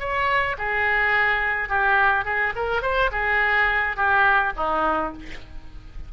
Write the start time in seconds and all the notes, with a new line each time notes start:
0.00 C#5
0.59 G#4
1.69 G4
2.25 G#4
2.56 A#4
2.83 C5
3.12 G#4
3.97 G4
4.57 D#4